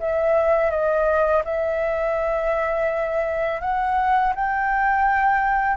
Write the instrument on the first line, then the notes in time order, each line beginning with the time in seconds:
flute
0.00 E5
0.71 D#5
1.45 E5
3.61 F#5
4.35 G5